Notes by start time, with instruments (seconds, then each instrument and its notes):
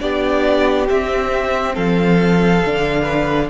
0.00 cello B3, viola D4, violin G4 D5
0.88 viola C4, cello C4, violin E5
1.75 cello F3, violin A4 F5
2.66 cello D3, viola D4
3.02 violin B4